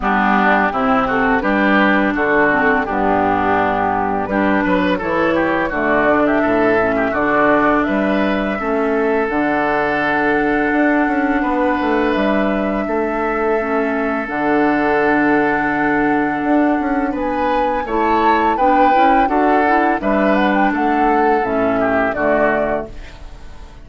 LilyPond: <<
  \new Staff \with { instrumentName = "flute" } { \time 4/4 \tempo 4 = 84 g'4. a'8 b'4 a'4 | g'2 b'4 cis''4 | d''8. e''4~ e''16 d''4 e''4~ | e''4 fis''2.~ |
fis''4 e''2. | fis''1 | gis''4 a''4 g''4 fis''4 | e''8 fis''16 g''16 fis''4 e''4 d''4 | }
  \new Staff \with { instrumentName = "oboe" } { \time 4/4 d'4 e'8 fis'8 g'4 fis'4 | d'2 g'8 b'8 a'8 g'8 | fis'8. g'16 a'8. g'16 fis'4 b'4 | a'1 |
b'2 a'2~ | a'1 | b'4 cis''4 b'4 a'4 | b'4 a'4. g'8 fis'4 | }
  \new Staff \with { instrumentName = "clarinet" } { \time 4/4 b4 c'4 d'4. c'8 | b2 d'4 e'4 | a8 d'4 cis'8 d'2 | cis'4 d'2.~ |
d'2. cis'4 | d'1~ | d'4 e'4 d'8 e'8 fis'8 e'8 | d'2 cis'4 a4 | }
  \new Staff \with { instrumentName = "bassoon" } { \time 4/4 g4 c4 g4 d4 | g,2 g8 fis8 e4 | d4 a,4 d4 g4 | a4 d2 d'8 cis'8 |
b8 a8 g4 a2 | d2. d'8 cis'8 | b4 a4 b8 cis'8 d'4 | g4 a4 a,4 d4 | }
>>